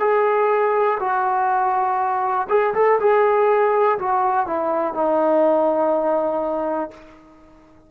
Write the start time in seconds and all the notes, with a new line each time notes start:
0.00 G#4
1.00 F#4
2.49 G#4
2.75 A4
3.00 G#4
3.99 F#4
4.47 E4
4.94 D#4